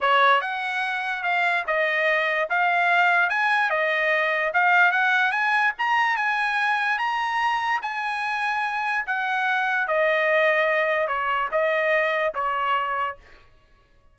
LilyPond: \new Staff \with { instrumentName = "trumpet" } { \time 4/4 \tempo 4 = 146 cis''4 fis''2 f''4 | dis''2 f''2 | gis''4 dis''2 f''4 | fis''4 gis''4 ais''4 gis''4~ |
gis''4 ais''2 gis''4~ | gis''2 fis''2 | dis''2. cis''4 | dis''2 cis''2 | }